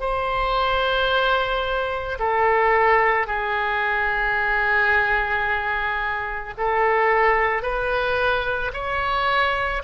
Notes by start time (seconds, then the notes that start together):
0.00 C5
2.19 A4
3.26 G#4
6.57 A4
7.62 B4
8.73 C#5